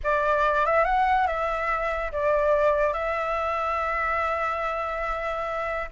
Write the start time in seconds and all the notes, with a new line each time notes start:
0.03 D5
0.65 E5
0.85 F#5
1.27 E5
2.12 D5
2.93 E5